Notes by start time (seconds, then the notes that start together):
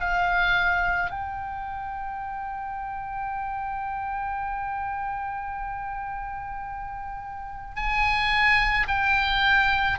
0.00 F5
1.10 G5
7.76 G#5
8.88 G5